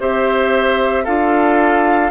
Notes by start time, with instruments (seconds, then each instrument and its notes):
0.00 bassoon C4, clarinet G4, oboe C5, flute E5
1.04 bassoon D4, clarinet F4, oboe A4, flute F5